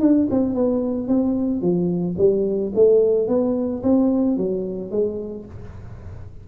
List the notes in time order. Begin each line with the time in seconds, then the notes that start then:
0.00 D4
0.30 C4
0.54 B3
1.07 C4
1.61 F3
2.17 G3
2.74 A3
3.28 B3
3.83 C4
4.37 F#3
4.91 G#3